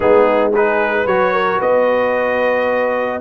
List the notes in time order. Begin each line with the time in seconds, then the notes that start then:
0.00 G#3 B3 D#4 G#4
0.52 D#4 G#4 B4
0.92 B4
1.05 F#3 F#4 C#5
1.32 A#4
1.57 B3 B4 D#5